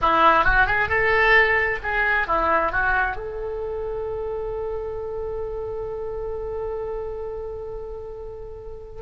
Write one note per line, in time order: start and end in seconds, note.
0.01 0.44 E4
0.44 0.66 F#4
0.66 0.88 G#4
0.88 1.79 A4
1.82 2.27 G#4
2.27 2.71 E4
2.71 3.16 F#4
3.16 9.02 A4